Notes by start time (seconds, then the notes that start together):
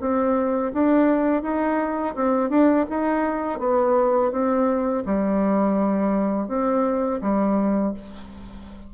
0.00 C4
0.73 D4
1.42 D#4
2.15 C4
2.49 D4
2.89 D#4
3.59 B3
4.31 C4
5.06 G3
6.48 C4
7.21 G3